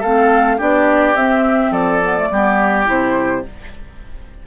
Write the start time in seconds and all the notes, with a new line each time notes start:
0.00 A3 C4 A4 F5
0.57 B3 D4 G4 D5
1.15 C4 E5
1.71 F3 A4 D5
2.03 B3
2.17 A3
2.31 G3 B3 G4
2.85 C3 E4 C5